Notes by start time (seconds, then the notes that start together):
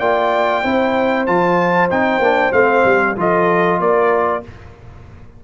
0.00 A#3 F4 D5 G5
0.63 C4 E4 C5
1.27 F3 F4 A5
1.91 C4 D#4 G5
2.19 A#3 D4
2.53 A3 C4 F5
2.85 G3
3.17 F3 F4 A4 D#5
3.80 A#3 A#4 D5